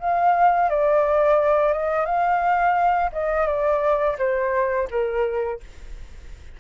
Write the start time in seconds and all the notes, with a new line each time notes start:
0.00 F5
0.70 D5
1.73 D#5
2.06 F5
3.13 D#5
3.47 D5
4.19 C5
4.91 A#4